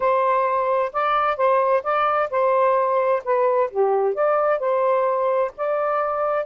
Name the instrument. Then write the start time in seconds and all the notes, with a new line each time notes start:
saxophone
0.00 C5
0.92 D5
1.36 C5
1.83 D5
2.30 C5
3.24 B4
3.70 G4
4.14 D5
4.59 C5
5.57 D5